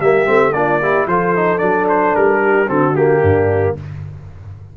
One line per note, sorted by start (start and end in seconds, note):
0.00 0.27 G3
0.00 0.26 A#3
0.00 0.55 G4
0.00 0.53 E5
0.26 0.54 A3
0.26 0.52 C4
0.53 1.07 A#3
0.53 0.81 D4
0.53 0.82 F4
0.53 1.06 D5
0.82 1.09 E4
0.82 1.07 G4
1.07 1.60 F3
1.07 1.36 F4
1.07 2.41 A4
1.07 1.59 C5
1.36 1.59 D#4
1.59 2.15 F#3
1.59 2.66 D4
1.59 1.85 D5
1.89 2.16 C5
2.16 2.70 G3
2.16 2.69 A#4
2.42 2.67 G4
2.67 3.23 D3
2.67 2.94 C4
2.67 3.21 F#4
2.67 2.96 A4
2.96 3.77 A#3
2.96 3.76 G4
3.21 3.76 G2
3.21 3.75 D4